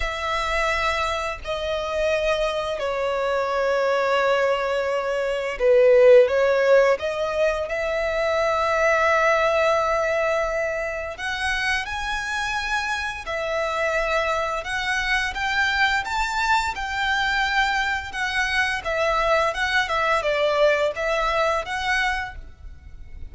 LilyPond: \new Staff \with { instrumentName = "violin" } { \time 4/4 \tempo 4 = 86 e''2 dis''2 | cis''1 | b'4 cis''4 dis''4 e''4~ | e''1 |
fis''4 gis''2 e''4~ | e''4 fis''4 g''4 a''4 | g''2 fis''4 e''4 | fis''8 e''8 d''4 e''4 fis''4 | }